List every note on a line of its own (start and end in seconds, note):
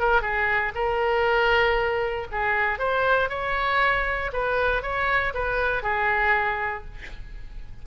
0.00 0.22 A#4
0.22 0.73 G#4
0.75 2.28 A#4
2.32 2.79 G#4
2.79 3.30 C5
3.30 4.32 C#5
4.33 4.83 B4
4.83 5.34 C#5
5.34 5.83 B4
5.83 6.85 G#4